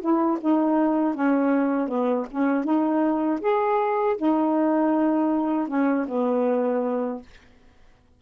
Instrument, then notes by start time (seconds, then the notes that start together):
saxophone
0.00 E4
0.40 D#4
1.14 C#4
1.88 B3
2.31 C#4
2.64 D#4
3.40 G#4
4.17 D#4
5.68 C#4
6.08 B3